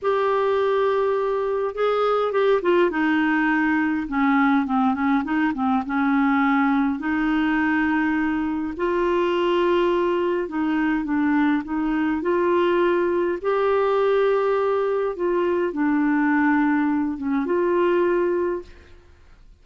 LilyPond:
\new Staff \with { instrumentName = "clarinet" } { \time 4/4 \tempo 4 = 103 g'2. gis'4 | g'8 f'8 dis'2 cis'4 | c'8 cis'8 dis'8 c'8 cis'2 | dis'2. f'4~ |
f'2 dis'4 d'4 | dis'4 f'2 g'4~ | g'2 f'4 d'4~ | d'4. cis'8 f'2 | }